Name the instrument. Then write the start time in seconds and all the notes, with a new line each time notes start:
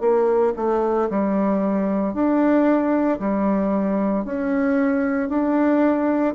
bassoon
0.00 A#3
0.56 A3
1.10 G3
2.13 D4
3.19 G3
4.24 C#4
5.29 D4